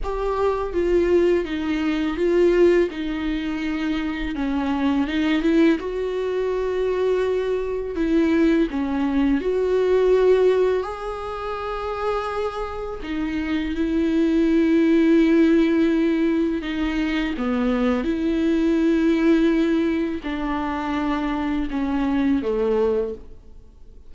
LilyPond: \new Staff \with { instrumentName = "viola" } { \time 4/4 \tempo 4 = 83 g'4 f'4 dis'4 f'4 | dis'2 cis'4 dis'8 e'8 | fis'2. e'4 | cis'4 fis'2 gis'4~ |
gis'2 dis'4 e'4~ | e'2. dis'4 | b4 e'2. | d'2 cis'4 a4 | }